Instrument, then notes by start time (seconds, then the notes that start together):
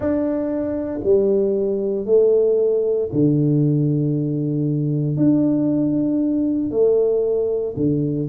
tuba
0.00 D4
1.03 G3
2.05 A3
3.12 D3
5.16 D4
6.70 A3
7.76 D3